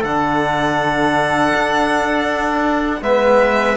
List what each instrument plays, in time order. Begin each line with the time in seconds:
0.00 cello D3, trombone D4, trumpet A4, violin F#5
1.54 cello D4
3.01 cello G#3, trombone B3, trumpet B4, violin E5